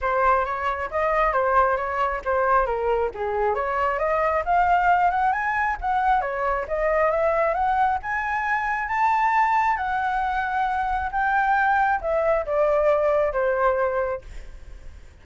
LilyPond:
\new Staff \with { instrumentName = "flute" } { \time 4/4 \tempo 4 = 135 c''4 cis''4 dis''4 c''4 | cis''4 c''4 ais'4 gis'4 | cis''4 dis''4 f''4. fis''8 | gis''4 fis''4 cis''4 dis''4 |
e''4 fis''4 gis''2 | a''2 fis''2~ | fis''4 g''2 e''4 | d''2 c''2 | }